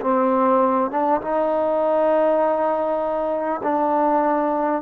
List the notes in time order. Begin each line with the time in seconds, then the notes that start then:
0.00 C4
0.91 D4
1.21 D#4
3.63 D4